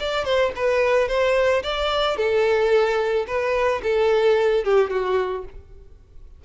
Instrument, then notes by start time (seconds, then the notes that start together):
violin
0.00 D5
0.25 C5
0.56 B4
1.09 C5
1.63 D5
2.17 A4
3.27 B4
3.83 A4
4.65 G4
4.90 F#4